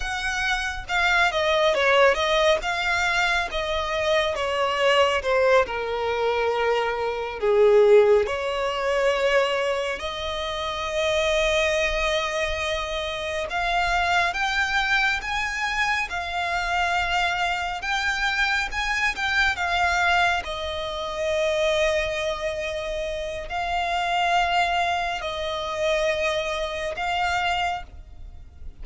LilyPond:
\new Staff \with { instrumentName = "violin" } { \time 4/4 \tempo 4 = 69 fis''4 f''8 dis''8 cis''8 dis''8 f''4 | dis''4 cis''4 c''8 ais'4.~ | ais'8 gis'4 cis''2 dis''8~ | dis''2.~ dis''8 f''8~ |
f''8 g''4 gis''4 f''4.~ | f''8 g''4 gis''8 g''8 f''4 dis''8~ | dis''2. f''4~ | f''4 dis''2 f''4 | }